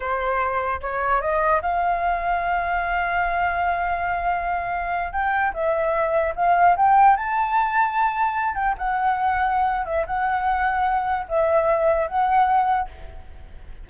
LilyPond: \new Staff \with { instrumentName = "flute" } { \time 4/4 \tempo 4 = 149 c''2 cis''4 dis''4 | f''1~ | f''1~ | f''8. g''4 e''2 f''16~ |
f''8. g''4 a''2~ a''16~ | a''4~ a''16 g''8 fis''2~ fis''16~ | fis''8 e''8 fis''2. | e''2 fis''2 | }